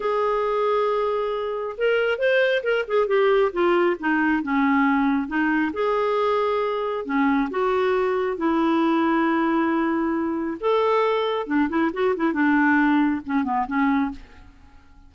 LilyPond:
\new Staff \with { instrumentName = "clarinet" } { \time 4/4 \tempo 4 = 136 gis'1 | ais'4 c''4 ais'8 gis'8 g'4 | f'4 dis'4 cis'2 | dis'4 gis'2. |
cis'4 fis'2 e'4~ | e'1 | a'2 d'8 e'8 fis'8 e'8 | d'2 cis'8 b8 cis'4 | }